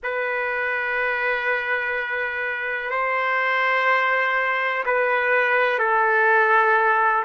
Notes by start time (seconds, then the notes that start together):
0.03 B4
2.90 C5
4.85 B4
5.78 A4